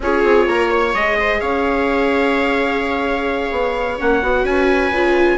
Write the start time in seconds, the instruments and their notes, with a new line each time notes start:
0.00 bassoon C#4, viola F4 G#4, trumpet C#5
0.23 bassoon C4
0.47 bassoon A#3, viola A#4
0.70 viola C#5
0.94 bassoon G#3, viola G#4, trumpet D#5
1.19 viola C5
1.40 bassoon C#4, viola C#5, trumpet F5
3.51 bassoon B3
3.98 bassoon A#3, viola C#4, trumpet F#5
4.22 bassoon B3, viola F#4
4.43 bassoon C#4, viola B4, trumpet G#5
4.91 bassoon C#3, viola F4